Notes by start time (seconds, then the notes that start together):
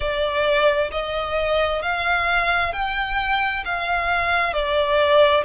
0.00 D5
0.91 D#5
1.82 F5
2.73 G5
3.64 F5
4.52 D5